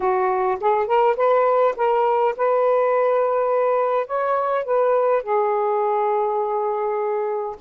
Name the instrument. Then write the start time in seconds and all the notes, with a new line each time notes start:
saxophone
0.00 F#4
0.60 G#4
0.86 A#4
1.16 B4
1.76 A#4
2.36 B4
4.06 C#5
4.64 B4
5.23 G#4